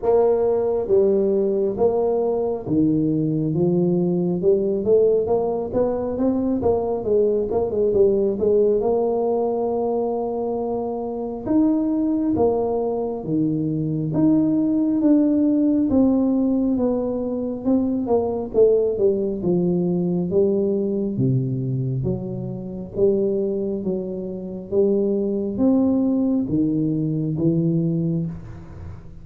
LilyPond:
\new Staff \with { instrumentName = "tuba" } { \time 4/4 \tempo 4 = 68 ais4 g4 ais4 dis4 | f4 g8 a8 ais8 b8 c'8 ais8 | gis8 ais16 gis16 g8 gis8 ais2~ | ais4 dis'4 ais4 dis4 |
dis'4 d'4 c'4 b4 | c'8 ais8 a8 g8 f4 g4 | c4 fis4 g4 fis4 | g4 c'4 dis4 e4 | }